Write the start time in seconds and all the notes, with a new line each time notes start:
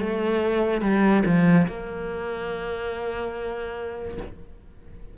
0.00 A3
0.82 G3
1.25 F3
1.68 A#3